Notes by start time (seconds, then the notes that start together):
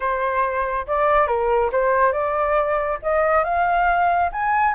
0.00 C5
0.87 D5
1.27 A#4
1.72 C5
2.12 D5
3.02 D#5
3.44 F5
4.32 G#5